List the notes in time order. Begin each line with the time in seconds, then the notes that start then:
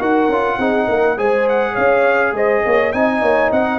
0.00 D#4 F#4 A#4 F#5
0.28 C#4 F4
0.59 C4 D#4 G#4
0.87 A#3 A#4
1.18 G#3 G#4 C5 G#5
1.49 F#5
1.72 C#4 C#5 F5
2.33 G#3 C5 D#5
2.65 A#3 C#5
2.93 C4 D#4 D#5 G#5
3.22 A#3 C#5
3.52 C4 D#5 F#5